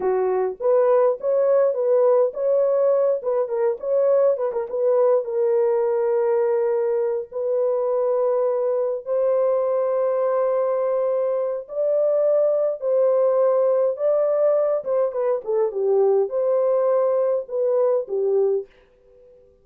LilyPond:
\new Staff \with { instrumentName = "horn" } { \time 4/4 \tempo 4 = 103 fis'4 b'4 cis''4 b'4 | cis''4. b'8 ais'8 cis''4 b'16 ais'16 | b'4 ais'2.~ | ais'8 b'2. c''8~ |
c''1 | d''2 c''2 | d''4. c''8 b'8 a'8 g'4 | c''2 b'4 g'4 | }